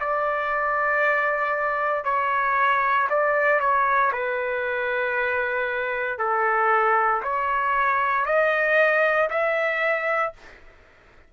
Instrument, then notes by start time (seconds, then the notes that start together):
trumpet
0.00 D5
2.05 C#5
3.09 D5
3.60 C#5
4.12 B4
6.18 A4
7.23 C#5
8.26 D#5
9.30 E5